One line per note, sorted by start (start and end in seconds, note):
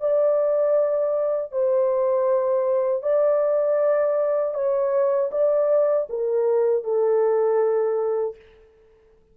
0.00 1.51 D5
1.51 3.02 C5
3.02 4.54 D5
4.54 5.30 C#5
5.31 6.07 D5
6.09 6.84 A#4
6.84 8.35 A4